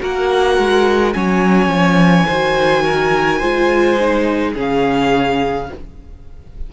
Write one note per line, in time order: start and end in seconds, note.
0.00 0.58 A#3
0.00 1.13 F#4
0.00 1.15 A#4
0.00 1.13 F#5
0.58 1.15 G#3
1.13 1.68 F#3
1.13 2.26 C#4
1.13 2.27 C#5
1.13 4.53 G#5
1.68 2.25 F3
2.27 3.42 D#3
2.27 3.42 F#4
2.27 2.83 C5
2.84 3.38 A#4
3.38 4.55 G#3
3.38 3.99 F4
3.38 4.51 C5
4.00 4.54 D#4
4.54 5.70 C#3
4.54 5.67 C#4
4.54 5.67 G#4
4.60 5.73 F5